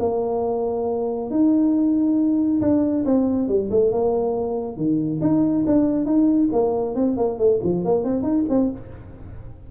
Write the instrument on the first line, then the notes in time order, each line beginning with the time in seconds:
tuba
0.00 A#3
1.31 D#4
2.61 D4
3.05 C4
3.49 G3
3.71 A3
3.92 A#3
4.77 D#3
5.22 D#4
5.67 D4
6.06 D#4
6.53 A#3
6.95 C4
7.17 A#3
7.39 A3
7.63 F3
7.85 A#3
8.04 C4
8.23 D#4
8.49 C4